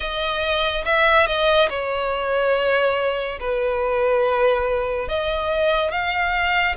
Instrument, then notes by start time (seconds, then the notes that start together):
violin
0.00 D#5
0.85 E5
1.26 D#5
1.69 C#5
3.40 B4
5.08 D#5
5.91 F5